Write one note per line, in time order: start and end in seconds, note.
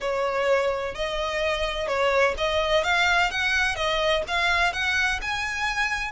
0.00 0.94 C#5
0.94 1.87 D#5
1.87 2.35 C#5
2.37 2.83 D#5
2.83 3.30 F5
3.30 3.75 F#5
3.75 4.22 D#5
4.27 4.72 F5
4.72 5.19 F#5
5.21 6.11 G#5